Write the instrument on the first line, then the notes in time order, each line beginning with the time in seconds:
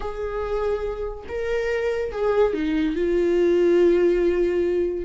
viola
0.00 G#4
1.28 A#4
2.11 G#4
2.53 D#4
2.95 F4